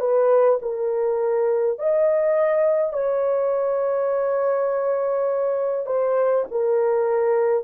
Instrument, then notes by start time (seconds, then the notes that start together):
horn
0.00 B4
0.62 A#4
1.79 D#5
2.93 C#5
5.86 C5
6.51 A#4